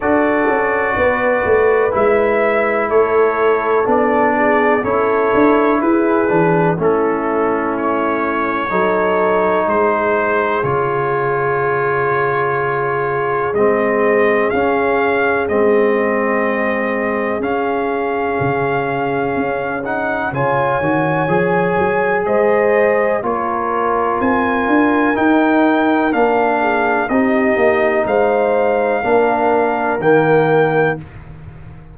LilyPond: <<
  \new Staff \with { instrumentName = "trumpet" } { \time 4/4 \tempo 4 = 62 d''2 e''4 cis''4 | d''4 cis''4 b'4 a'4 | cis''2 c''4 cis''4~ | cis''2 dis''4 f''4 |
dis''2 f''2~ | f''8 fis''8 gis''2 dis''4 | cis''4 gis''4 g''4 f''4 | dis''4 f''2 g''4 | }
  \new Staff \with { instrumentName = "horn" } { \time 4/4 a'4 b'2 a'4~ | a'8 gis'8 a'4 gis'4 e'4~ | e'4 a'4 gis'2~ | gis'1~ |
gis'1~ | gis'4 cis''2 c''4 | ais'2.~ ais'8 gis'8 | g'4 c''4 ais'2 | }
  \new Staff \with { instrumentName = "trombone" } { \time 4/4 fis'2 e'2 | d'4 e'4. d'8 cis'4~ | cis'4 dis'2 f'4~ | f'2 c'4 cis'4 |
c'2 cis'2~ | cis'8 dis'8 f'8 fis'8 gis'2 | f'2 dis'4 d'4 | dis'2 d'4 ais4 | }
  \new Staff \with { instrumentName = "tuba" } { \time 4/4 d'8 cis'8 b8 a8 gis4 a4 | b4 cis'8 d'8 e'8 e8 a4~ | a4 fis4 gis4 cis4~ | cis2 gis4 cis'4 |
gis2 cis'4 cis4 | cis'4 cis8 dis8 f8 fis8 gis4 | ais4 c'8 d'8 dis'4 ais4 | c'8 ais8 gis4 ais4 dis4 | }
>>